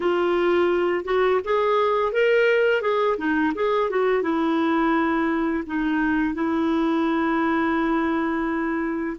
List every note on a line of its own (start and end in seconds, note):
0.00 1.05 F4
1.05 1.40 F#4
1.44 2.12 G#4
2.12 2.81 A#4
2.81 3.16 G#4
3.17 3.52 D#4
3.55 3.90 G#4
3.90 4.22 F#4
4.22 5.63 E4
5.66 6.34 D#4
6.34 9.16 E4